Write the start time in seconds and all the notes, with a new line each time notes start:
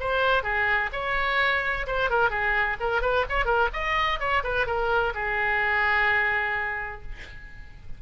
0.00 C5
0.43 G#4
0.92 C#5
1.87 C5
2.10 A#4
2.30 G#4
2.80 A#4
3.02 B4
3.29 C#5
3.45 A#4
3.73 D#5
4.19 C#5
4.44 B4
4.66 A#4
5.14 G#4